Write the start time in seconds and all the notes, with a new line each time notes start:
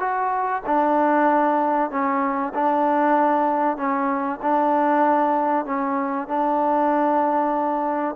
0.00 F#4
0.66 D4
1.91 C#4
2.55 D4
3.77 C#4
4.43 D4
5.66 C#4
6.28 D4